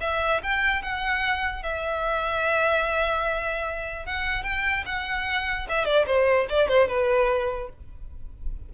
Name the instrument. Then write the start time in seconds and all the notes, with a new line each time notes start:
violin
0.00 E5
0.42 G5
0.82 F#5
1.62 E5
4.05 F#5
4.43 G5
4.86 F#5
5.68 E5
5.85 D5
6.06 C5
6.49 D5
6.68 C5
6.88 B4